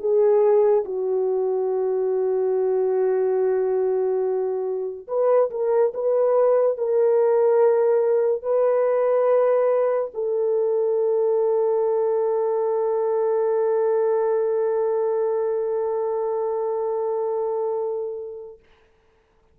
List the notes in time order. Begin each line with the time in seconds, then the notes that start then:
0.00 G#4
0.85 F#4
5.08 B4
5.51 A#4
5.95 B4
6.78 A#4
8.43 B4
10.14 A4